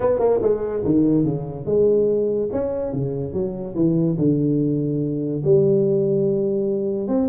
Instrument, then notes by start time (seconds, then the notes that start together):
tuba
0.00 B3
0.19 A#3
0.42 G#3
0.84 D#3
1.24 C#3
1.65 G#3
2.52 C#4
2.92 C#3
3.33 F#3
3.75 E3
4.17 D3
5.44 G3
7.07 C4